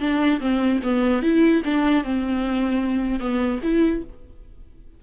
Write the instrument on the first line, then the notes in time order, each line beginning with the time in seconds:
viola
0.00 D4
0.41 C4
0.83 B3
1.23 E4
1.65 D4
2.04 C4
3.20 B3
3.63 E4